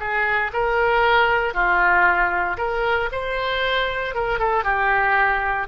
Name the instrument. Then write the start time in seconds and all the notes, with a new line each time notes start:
oboe
0.00 G#4
0.53 A#4
1.54 F4
2.58 A#4
3.12 C5
4.15 A#4
4.39 A4
4.64 G4